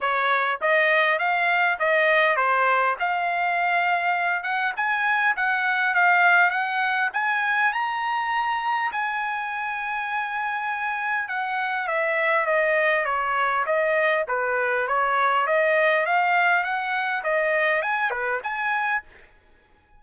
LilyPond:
\new Staff \with { instrumentName = "trumpet" } { \time 4/4 \tempo 4 = 101 cis''4 dis''4 f''4 dis''4 | c''4 f''2~ f''8 fis''8 | gis''4 fis''4 f''4 fis''4 | gis''4 ais''2 gis''4~ |
gis''2. fis''4 | e''4 dis''4 cis''4 dis''4 | b'4 cis''4 dis''4 f''4 | fis''4 dis''4 gis''8 b'8 gis''4 | }